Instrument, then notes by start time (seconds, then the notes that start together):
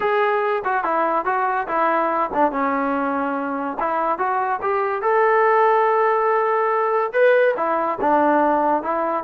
trombone
0.00 G#4
0.64 F#4
0.84 E4
1.25 F#4
1.67 E4
2.33 D4
2.51 C#4
3.79 E4
4.18 F#4
4.62 G4
5.02 A4
7.12 B4
7.57 E4
8.00 D4
8.82 E4